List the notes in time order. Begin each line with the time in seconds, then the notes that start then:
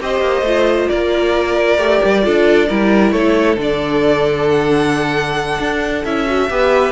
0.00 C4 G4 C5 D#5
0.20 A#3
0.41 A3 F4
0.88 A#3 A#4 D5
1.77 A3 G4
2.04 G3
2.22 D4 F4 A4
2.68 G3 E4 A#4
3.12 A3 A4 C#5
3.57 D3 D4 D5
4.49 F#5
5.59 D4
6.04 C#4 E4 E5
6.26 F#4
6.49 B3 G4 B4